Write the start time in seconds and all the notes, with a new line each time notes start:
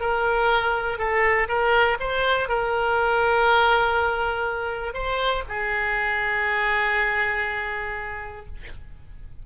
0.00 A#4
0.98 A4
1.48 A#4
1.99 C5
2.48 A#4
4.93 C5
5.48 G#4